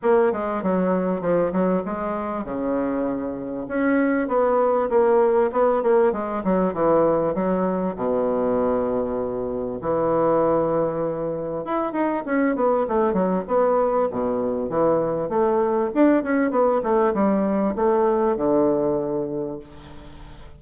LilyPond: \new Staff \with { instrumentName = "bassoon" } { \time 4/4 \tempo 4 = 98 ais8 gis8 fis4 f8 fis8 gis4 | cis2 cis'4 b4 | ais4 b8 ais8 gis8 fis8 e4 | fis4 b,2. |
e2. e'8 dis'8 | cis'8 b8 a8 fis8 b4 b,4 | e4 a4 d'8 cis'8 b8 a8 | g4 a4 d2 | }